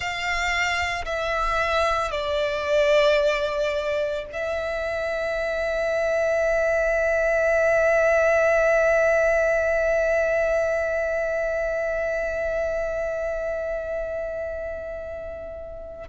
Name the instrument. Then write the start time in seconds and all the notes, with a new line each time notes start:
violin
0.00 F5
1.05 E5
2.11 D5
4.32 E5